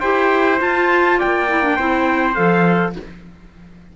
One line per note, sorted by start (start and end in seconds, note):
0.00 0.61 E4
0.00 0.58 G4
0.00 1.18 C5
0.00 0.59 G5
0.58 1.46 F4
0.58 1.20 F4
0.58 1.20 A5
1.18 1.79 A#3
1.18 1.76 D5
1.18 2.34 G5
1.48 1.62 E4
1.62 1.77 D4
1.76 2.37 C4
1.76 2.34 E4
1.76 2.94 C5
2.34 2.96 F3
2.34 2.93 A4
2.34 2.93 F5